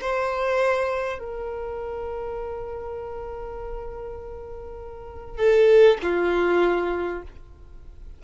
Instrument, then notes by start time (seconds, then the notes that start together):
violin
0.00 C5
1.18 A#4
5.37 A4
6.02 F4